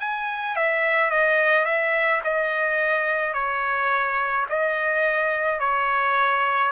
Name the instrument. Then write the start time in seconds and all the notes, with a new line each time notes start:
trumpet
0.00 G#5
0.56 E5
1.10 D#5
1.65 E5
2.24 D#5
3.34 C#5
4.49 D#5
5.59 C#5